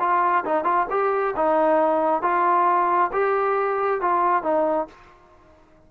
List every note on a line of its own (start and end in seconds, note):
0.00 0.44 F4
0.45 0.64 D#4
0.64 0.86 F4
0.90 1.35 G4
1.37 2.22 D#4
2.22 3.11 F4
3.13 4.01 G4
4.01 4.43 F4
4.43 4.88 D#4